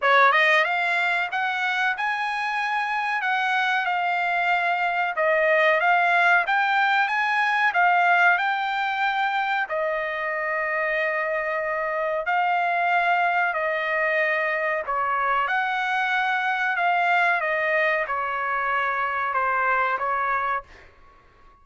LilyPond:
\new Staff \with { instrumentName = "trumpet" } { \time 4/4 \tempo 4 = 93 cis''8 dis''8 f''4 fis''4 gis''4~ | gis''4 fis''4 f''2 | dis''4 f''4 g''4 gis''4 | f''4 g''2 dis''4~ |
dis''2. f''4~ | f''4 dis''2 cis''4 | fis''2 f''4 dis''4 | cis''2 c''4 cis''4 | }